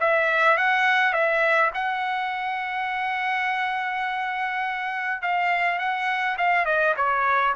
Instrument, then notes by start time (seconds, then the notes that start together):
trumpet
0.00 E5
0.57 F#5
1.13 E5
1.74 F#5
5.22 F5
5.78 F#5
6.37 F5
6.65 D#5
6.96 C#5